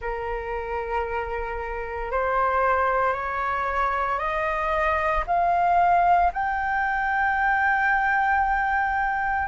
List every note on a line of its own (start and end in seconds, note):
0.00 2.11 A#4
2.11 3.13 C5
3.13 4.18 C#5
4.18 5.23 D#5
5.26 6.32 F5
6.32 9.47 G5